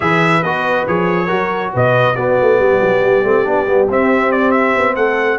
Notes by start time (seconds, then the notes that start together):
0.00 E3 G#4 B4 E5
0.43 B3 F#4 D#5
0.87 F3 G#4 C#5
1.26 F#3 F#4 A#4
1.73 B2 B4 D#5
2.15 B3 F#4 D5
2.41 A3
2.58 G3 G4
2.81 F#3
3.02 G3
3.23 A3 C4
3.44 B3 D4
3.66 G3 B3
3.88 C4 E5
4.31 D5
4.51 E5
4.76 B3
4.95 A3 A4 F#5